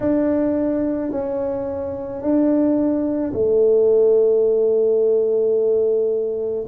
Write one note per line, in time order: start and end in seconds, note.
0.00 1.11 D4
1.11 2.21 C#4
2.21 3.32 D4
3.32 6.66 A3